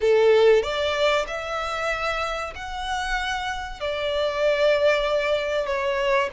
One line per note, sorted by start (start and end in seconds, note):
0.00 0.62 A4
0.62 1.25 D5
1.27 2.53 E5
2.55 3.80 F#5
3.80 5.66 D5
5.66 6.29 C#5